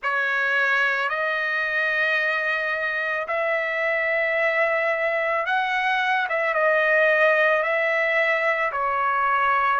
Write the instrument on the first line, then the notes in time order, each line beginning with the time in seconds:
trumpet
0.02 C#5
1.09 D#5
3.27 E5
5.45 F#5
6.29 E5
6.54 D#5
7.62 E5
8.72 C#5